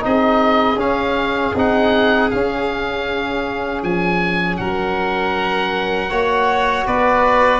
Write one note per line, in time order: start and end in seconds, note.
0.00 0.75 C4
0.00 0.76 D#4
0.00 0.79 D#5
0.06 4.60 G#4
0.75 1.51 C#4
0.75 1.55 C#4
0.75 1.55 F5
1.55 2.31 C4
1.55 2.30 D#4
1.55 2.30 F#5
2.30 6.09 C#4
2.30 3.83 C#4
2.30 3.82 F5
3.83 4.59 F3
3.83 4.57 G#5
4.57 6.11 F#3
4.57 6.11 A#4
4.57 6.84 F#5
6.09 6.87 A#3
6.09 7.60 F#4
6.09 6.87 C#5
6.87 7.60 B3
6.87 7.60 B4
6.87 7.60 D5